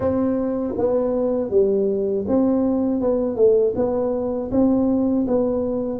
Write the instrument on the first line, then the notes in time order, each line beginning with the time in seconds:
tuba
0.00 C4
0.77 B3
1.50 G3
2.27 C4
3.00 B3
3.36 A3
3.75 B3
4.51 C4
5.27 B3